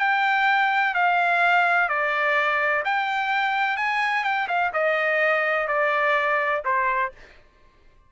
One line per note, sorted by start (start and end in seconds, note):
0.00 0.94 G5
0.94 1.89 F5
1.89 2.83 D5
2.85 3.77 G5
3.77 4.24 G#5
4.24 4.48 G5
4.48 4.72 F5
4.74 5.68 D#5
5.68 6.62 D5
6.65 7.12 C5